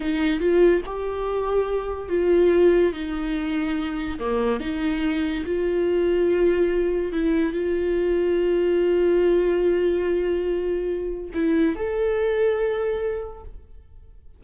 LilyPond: \new Staff \with { instrumentName = "viola" } { \time 4/4 \tempo 4 = 143 dis'4 f'4 g'2~ | g'4 f'2 dis'4~ | dis'2 ais4 dis'4~ | dis'4 f'2.~ |
f'4 e'4 f'2~ | f'1~ | f'2. e'4 | a'1 | }